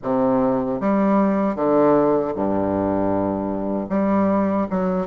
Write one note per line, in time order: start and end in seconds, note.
0.02 0.80 C3
0.80 1.55 G3
1.55 2.33 D3
2.35 3.89 G2
3.89 4.67 G3
4.70 5.06 F#3